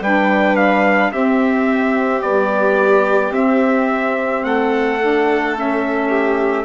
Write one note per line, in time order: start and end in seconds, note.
0.00 1.11 G3
0.00 1.12 D4
0.00 1.12 B4
0.00 0.56 G5
0.56 1.11 F5
1.12 2.23 C4
1.12 2.21 C4
1.12 4.45 G4
1.12 2.21 E5
2.21 3.32 G3
2.21 3.31 B3
2.21 3.32 D5
3.31 4.42 C4
3.31 4.98 C4
3.31 4.44 E5
4.44 6.64 A3
4.44 6.09 A4
4.44 5.55 F#5
5.01 5.55 D4
5.55 6.64 C#4
5.55 6.64 E5
6.09 6.64 G4